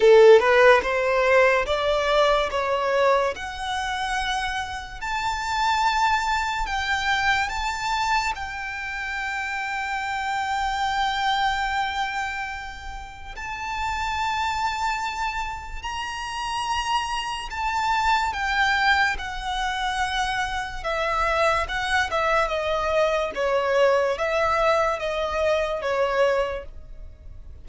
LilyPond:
\new Staff \with { instrumentName = "violin" } { \time 4/4 \tempo 4 = 72 a'8 b'8 c''4 d''4 cis''4 | fis''2 a''2 | g''4 a''4 g''2~ | g''1 |
a''2. ais''4~ | ais''4 a''4 g''4 fis''4~ | fis''4 e''4 fis''8 e''8 dis''4 | cis''4 e''4 dis''4 cis''4 | }